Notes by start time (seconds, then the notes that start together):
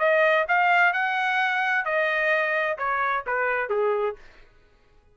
0.00 D#5
0.49 F5
0.94 F#5
1.86 D#5
2.78 C#5
3.27 B4
3.70 G#4